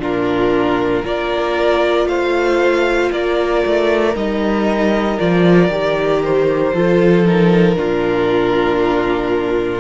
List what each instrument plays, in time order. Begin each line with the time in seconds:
0.00 cello A#2, viola D4, violin F4 A#4
1.03 cello A#3, viola F4, violin A#4 D5
2.06 cello A3, violin C5 F5
3.12 cello A#3, violin A#4 D5
3.66 cello A3
4.14 cello G3, viola D#4, violin D#5
5.18 cello F3, viola F4, violin D5
5.69 cello D#3, viola G4
6.25 violin C5
6.74 cello F3, viola F4, violin A4
7.26 viola D#4, violin A#4
7.75 cello A#2, viola D4, violin F4